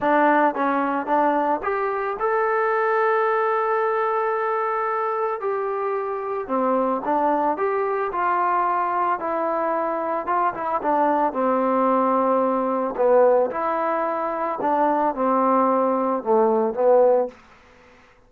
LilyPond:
\new Staff \with { instrumentName = "trombone" } { \time 4/4 \tempo 4 = 111 d'4 cis'4 d'4 g'4 | a'1~ | a'2 g'2 | c'4 d'4 g'4 f'4~ |
f'4 e'2 f'8 e'8 | d'4 c'2. | b4 e'2 d'4 | c'2 a4 b4 | }